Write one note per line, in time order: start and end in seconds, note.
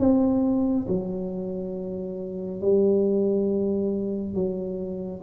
0.00 0.87 C4
0.89 2.62 F#3
2.62 4.35 G3
4.35 5.22 F#3